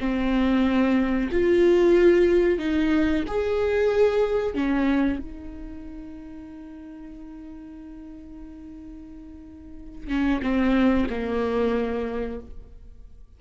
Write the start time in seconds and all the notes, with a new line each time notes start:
0.00 C4
1.33 F4
2.59 D#4
3.28 G#4
4.55 C#4
5.20 D#4
10.08 C#4
10.43 C4
11.10 A#3